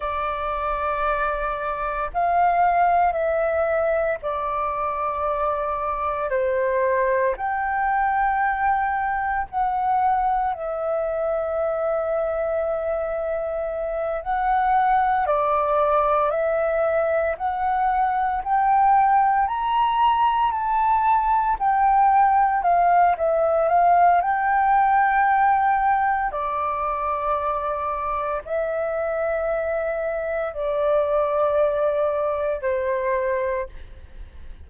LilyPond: \new Staff \with { instrumentName = "flute" } { \time 4/4 \tempo 4 = 57 d''2 f''4 e''4 | d''2 c''4 g''4~ | g''4 fis''4 e''2~ | e''4. fis''4 d''4 e''8~ |
e''8 fis''4 g''4 ais''4 a''8~ | a''8 g''4 f''8 e''8 f''8 g''4~ | g''4 d''2 e''4~ | e''4 d''2 c''4 | }